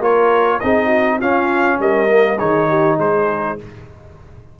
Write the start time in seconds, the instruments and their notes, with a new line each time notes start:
0.00 tuba A#3, trombone F4, horn A#4, trumpet C#5
0.60 tuba C4, trombone D#4, horn G#4, trumpet D#5
0.87 horn F#4
1.19 trombone C#4, tuba C#4, horn F4, trumpet F5
1.79 tuba G3, horn A#4, trumpet D#5
2.08 trombone A#3
2.39 tuba D#3, trombone D#4, horn G#4, trumpet C#5
2.69 horn G4
2.98 tuba G#3, horn G#4, trumpet C5